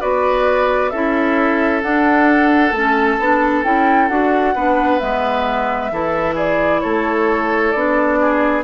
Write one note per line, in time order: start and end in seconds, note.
0.00 0.92 B3
0.00 0.91 F#4
0.00 0.91 B4
0.00 0.90 D5
0.90 1.83 C#4
0.90 1.82 E4
0.90 4.54 A4
0.90 1.81 E5
1.82 2.73 D4
1.82 2.72 D4
1.82 2.73 F#5
2.72 3.17 A3
2.72 3.20 C#4
2.72 3.64 A5
3.19 3.64 B3
3.19 3.64 D4
3.64 4.09 C#4
3.64 4.09 E4
3.64 4.09 G5
4.09 4.55 D4
4.09 4.55 F#4
4.09 4.99 F#5
4.55 5.00 B3
4.55 5.00 D4
4.55 5.91 B4
4.99 5.91 G#3
4.99 5.91 B3
4.99 6.35 E5
5.91 6.82 E3
5.91 7.74 E4
5.91 6.35 A4
6.35 6.80 G#4
6.35 6.81 D5
6.81 7.74 A3
6.81 8.19 A4
6.81 7.71 C#5
7.71 8.63 B3
7.71 8.63 D4
7.71 8.62 D5
8.20 8.63 G#4